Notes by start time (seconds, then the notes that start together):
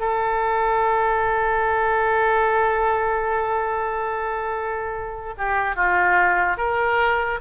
0.00 A4
5.37 G4
5.75 F4
6.57 A#4